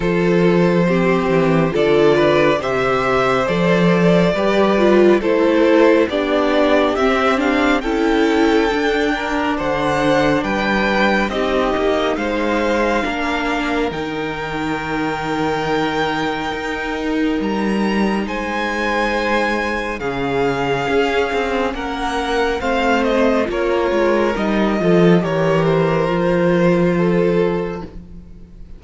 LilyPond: <<
  \new Staff \with { instrumentName = "violin" } { \time 4/4 \tempo 4 = 69 c''2 d''4 e''4 | d''2 c''4 d''4 | e''8 f''8 g''2 fis''4 | g''4 dis''4 f''2 |
g''1 | ais''4 gis''2 f''4~ | f''4 fis''4 f''8 dis''8 cis''4 | dis''4 cis''8 c''2~ c''8 | }
  \new Staff \with { instrumentName = "violin" } { \time 4/4 a'4 g'4 a'8 b'8 c''4~ | c''4 b'4 a'4 g'4~ | g'4 a'4. ais'8 c''4 | b'4 g'4 c''4 ais'4~ |
ais'1~ | ais'4 c''2 gis'4~ | gis'4 ais'4 c''4 ais'4~ | ais'8 a'8 ais'2 a'4 | }
  \new Staff \with { instrumentName = "viola" } { \time 4/4 f'4 c'4 f'4 g'4 | a'4 g'8 f'8 e'4 d'4 | c'8 d'8 e'4 d'2~ | d'4 dis'2 d'4 |
dis'1~ | dis'2. cis'4~ | cis'2 c'4 f'4 | dis'8 f'8 g'4 f'2 | }
  \new Staff \with { instrumentName = "cello" } { \time 4/4 f4. e8 d4 c4 | f4 g4 a4 b4 | c'4 cis'4 d'4 d4 | g4 c'8 ais8 gis4 ais4 |
dis2. dis'4 | g4 gis2 cis4 | cis'8 c'8 ais4 a4 ais8 gis8 | g8 f8 e4 f2 | }
>>